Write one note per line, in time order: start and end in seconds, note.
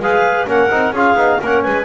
0.00 0.46 G#3
0.00 0.47 G#4
0.00 0.48 B4
0.00 0.48 F5
0.47 0.71 A#3
0.47 0.70 C#4
0.47 0.94 A#4
0.47 0.95 F#5
0.71 0.92 C4
0.71 0.94 D#4
0.92 1.15 C#4
0.92 1.18 F4
0.92 1.40 G#4
0.92 1.43 F5
1.15 1.39 B3
1.15 1.41 D#4
1.40 1.65 A#3
1.40 1.85 C#4
1.40 1.63 A#4
1.40 1.62 F#5
1.62 1.85 G#3
1.62 1.85 B4
1.62 1.85 G#5